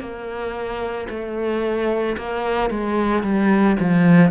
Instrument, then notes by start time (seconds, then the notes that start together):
cello
0.00 A#3
1.09 A3
2.17 A#3
2.70 G#3
3.23 G3
3.79 F3